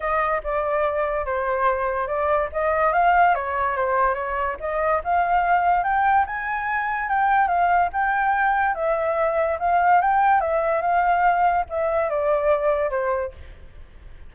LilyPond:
\new Staff \with { instrumentName = "flute" } { \time 4/4 \tempo 4 = 144 dis''4 d''2 c''4~ | c''4 d''4 dis''4 f''4 | cis''4 c''4 cis''4 dis''4 | f''2 g''4 gis''4~ |
gis''4 g''4 f''4 g''4~ | g''4 e''2 f''4 | g''4 e''4 f''2 | e''4 d''2 c''4 | }